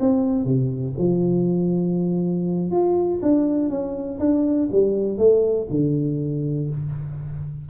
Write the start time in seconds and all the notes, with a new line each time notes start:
0.00 C4
0.44 C3
0.98 F3
2.71 F4
3.22 D4
3.69 C#4
4.19 D4
4.72 G3
5.18 A3
5.70 D3